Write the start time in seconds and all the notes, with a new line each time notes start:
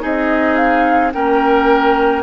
0.00 C4 D#4 G#4 D#5
0.56 F5
1.12 A#3 C#4 A#4 G5